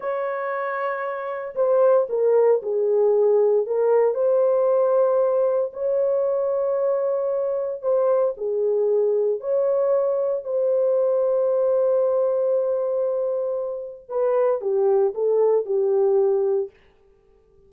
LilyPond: \new Staff \with { instrumentName = "horn" } { \time 4/4 \tempo 4 = 115 cis''2. c''4 | ais'4 gis'2 ais'4 | c''2. cis''4~ | cis''2. c''4 |
gis'2 cis''2 | c''1~ | c''2. b'4 | g'4 a'4 g'2 | }